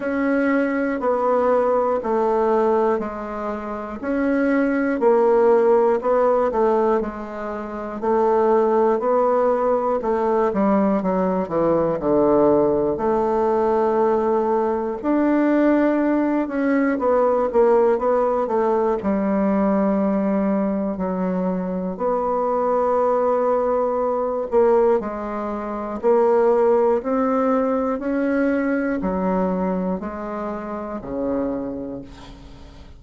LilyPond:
\new Staff \with { instrumentName = "bassoon" } { \time 4/4 \tempo 4 = 60 cis'4 b4 a4 gis4 | cis'4 ais4 b8 a8 gis4 | a4 b4 a8 g8 fis8 e8 | d4 a2 d'4~ |
d'8 cis'8 b8 ais8 b8 a8 g4~ | g4 fis4 b2~ | b8 ais8 gis4 ais4 c'4 | cis'4 fis4 gis4 cis4 | }